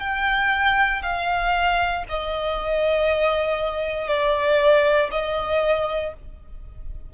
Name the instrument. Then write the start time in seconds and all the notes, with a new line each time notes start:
violin
0.00 G5
1.02 F5
2.08 D#5
4.08 D5
5.11 D#5